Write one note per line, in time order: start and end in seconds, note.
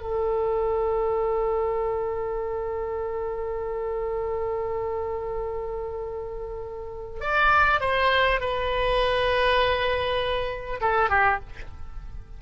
0.00 7.20 A4
7.20 7.80 D5
7.80 8.40 C5
8.40 10.80 B4
10.81 11.09 A4
11.09 11.39 G4